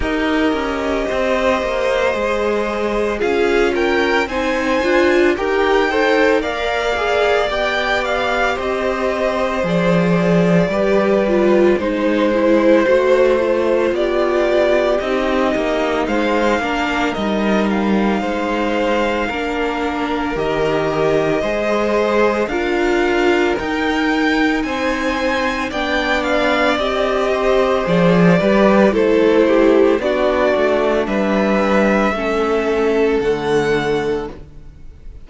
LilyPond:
<<
  \new Staff \with { instrumentName = "violin" } { \time 4/4 \tempo 4 = 56 dis''2. f''8 g''8 | gis''4 g''4 f''4 g''8 f''8 | dis''4 d''2 c''4~ | c''4 d''4 dis''4 f''4 |
dis''8 f''2~ f''8 dis''4~ | dis''4 f''4 g''4 gis''4 | g''8 f''8 dis''4 d''4 c''4 | d''4 e''2 fis''4 | }
  \new Staff \with { instrumentName = "violin" } { \time 4/4 ais'4 c''2 gis'8 ais'8 | c''4 ais'8 c''8 d''2 | c''2 b'4 c''4~ | c''4 g'2 c''8 ais'8~ |
ais'4 c''4 ais'2 | c''4 ais'2 c''4 | d''4. c''4 b'8 a'8 g'8 | fis'4 b'4 a'2 | }
  \new Staff \with { instrumentName = "viola" } { \time 4/4 g'2 gis'4 f'4 | dis'8 f'8 g'8 a'8 ais'8 gis'8 g'4~ | g'4 gis'4 g'8 f'8 dis'8 e'8 | fis'8 f'4. dis'4. d'8 |
dis'2 d'4 g'4 | gis'4 f'4 dis'2 | d'4 g'4 gis'8 g'8 e'4 | d'2 cis'4 a4 | }
  \new Staff \with { instrumentName = "cello" } { \time 4/4 dis'8 cis'8 c'8 ais8 gis4 cis'4 | c'8 d'8 dis'4 ais4 b4 | c'4 f4 g4 gis4 | a4 b4 c'8 ais8 gis8 ais8 |
g4 gis4 ais4 dis4 | gis4 d'4 dis'4 c'4 | b4 c'4 f8 g8 a4 | b8 a8 g4 a4 d4 | }
>>